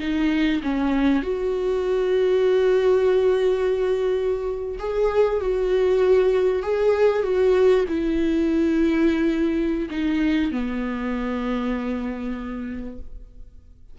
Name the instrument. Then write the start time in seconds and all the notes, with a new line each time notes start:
viola
0.00 D#4
0.63 C#4
1.23 F#4
4.79 G#4
5.41 F#4
6.63 G#4
7.23 F#4
7.88 E4
9.91 D#4
10.52 B3